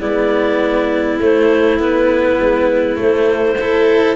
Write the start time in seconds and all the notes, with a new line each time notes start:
0.00 G#3 B3 E4 D5
1.18 A3 C5
1.79 B3 B4
2.39 G#3
2.96 A3 C5
3.60 E4 A4